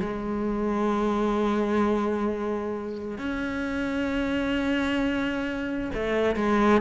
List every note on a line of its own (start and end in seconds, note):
0.00 3.18 G#3
3.18 5.90 C#4
5.94 6.36 A3
6.36 6.81 G#3